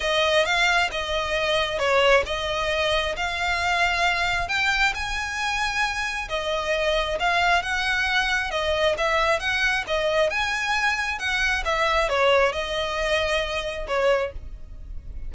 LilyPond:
\new Staff \with { instrumentName = "violin" } { \time 4/4 \tempo 4 = 134 dis''4 f''4 dis''2 | cis''4 dis''2 f''4~ | f''2 g''4 gis''4~ | gis''2 dis''2 |
f''4 fis''2 dis''4 | e''4 fis''4 dis''4 gis''4~ | gis''4 fis''4 e''4 cis''4 | dis''2. cis''4 | }